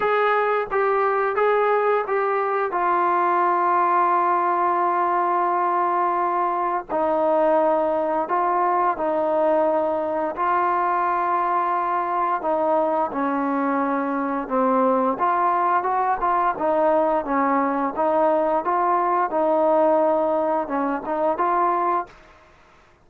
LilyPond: \new Staff \with { instrumentName = "trombone" } { \time 4/4 \tempo 4 = 87 gis'4 g'4 gis'4 g'4 | f'1~ | f'2 dis'2 | f'4 dis'2 f'4~ |
f'2 dis'4 cis'4~ | cis'4 c'4 f'4 fis'8 f'8 | dis'4 cis'4 dis'4 f'4 | dis'2 cis'8 dis'8 f'4 | }